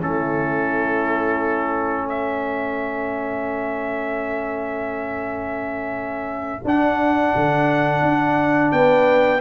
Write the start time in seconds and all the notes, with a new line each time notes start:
0.00 A3 C#4 E4 A4
2.09 A4 E5
6.65 D4 F#5
7.36 D3
8.02 D4
8.72 B3 B4 G5